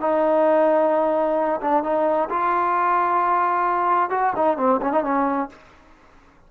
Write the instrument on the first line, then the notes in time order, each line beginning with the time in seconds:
trombone
0.00 D#4
1.61 D4
1.83 D#4
2.29 F4
4.10 F#4
4.36 D#4
4.57 C4
4.81 C#4
4.92 D#4
5.03 C#4